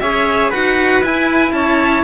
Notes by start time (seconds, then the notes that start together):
0.00 C#4 G#4 C#5 E5
0.50 D#4 F#4 B4 F#5
1.02 E4 G#5
1.52 C#4 C#5 A5